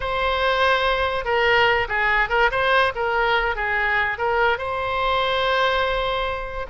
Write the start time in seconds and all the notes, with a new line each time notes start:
0.00 C5
1.25 A#4
1.88 G#4
2.29 A#4
2.51 C5
2.95 A#4
3.55 G#4
4.18 A#4
4.58 C5